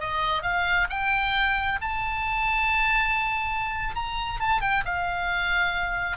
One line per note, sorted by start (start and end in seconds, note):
0.00 0.43 D#5
0.43 0.88 F5
0.90 1.80 G5
1.81 3.95 A5
3.95 4.40 A#5
4.40 4.61 A5
4.61 4.84 G5
4.85 6.17 F5